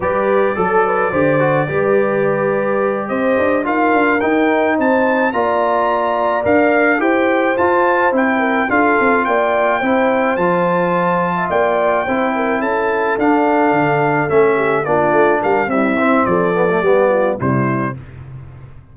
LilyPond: <<
  \new Staff \with { instrumentName = "trumpet" } { \time 4/4 \tempo 4 = 107 d''1~ | d''4. dis''4 f''4 g''8~ | g''8 a''4 ais''2 f''8~ | f''8 g''4 a''4 g''4 f''8~ |
f''8 g''2 a''4.~ | a''8 g''2 a''4 f''8~ | f''4. e''4 d''4 f''8 | e''4 d''2 c''4 | }
  \new Staff \with { instrumentName = "horn" } { \time 4/4 b'4 a'8 b'8 c''4 b'4~ | b'4. c''4 ais'4.~ | ais'8 c''4 d''2~ d''8~ | d''8 c''2~ c''8 ais'8 a'8~ |
a'8 d''4 c''2~ c''8~ | c''16 e''16 d''4 c''8 ais'8 a'4.~ | a'2 g'8 f'4 ais'8 | e'4 a'4 g'8 f'8 e'4 | }
  \new Staff \with { instrumentName = "trombone" } { \time 4/4 g'4 a'4 g'8 fis'8 g'4~ | g'2~ g'8 f'4 dis'8~ | dis'4. f'2 ais'8~ | ais'8 g'4 f'4 e'4 f'8~ |
f'4. e'4 f'4.~ | f'4. e'2 d'8~ | d'4. cis'4 d'4. | g8 c'4 b16 a16 b4 g4 | }
  \new Staff \with { instrumentName = "tuba" } { \time 4/4 g4 fis4 d4 g4~ | g4. c'8 d'8 dis'8 d'8 dis'8~ | dis'8 c'4 ais2 d'8~ | d'8 e'4 f'4 c'4 d'8 |
c'8 ais4 c'4 f4.~ | f8 ais4 c'4 cis'4 d'8~ | d'8 d4 a4 ais8 a8 g8 | c'4 f4 g4 c4 | }
>>